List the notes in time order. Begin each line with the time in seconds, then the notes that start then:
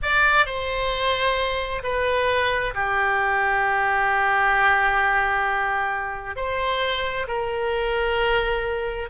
0.02 D5
0.45 C5
1.83 B4
2.74 G4
6.36 C5
7.27 A#4